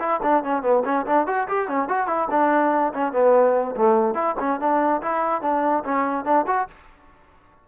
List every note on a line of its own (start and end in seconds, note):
0.00 0.21 E4
0.23 0.44 D4
0.44 0.63 C#4
0.63 0.84 B3
0.85 1.06 C#4
1.06 1.27 D4
1.27 1.48 F#4
1.48 1.68 G4
1.68 1.89 C#4
1.89 2.08 F#4
2.08 2.28 E4
2.30 2.93 D4
2.94 3.13 C#4
3.13 3.75 B3
3.77 4.15 A3
4.15 4.36 E4
4.40 4.60 C#4
4.60 5.02 D4
5.02 5.42 E4
5.42 5.84 D4
5.84 6.25 C#4
6.25 6.46 D4
6.47 6.68 F#4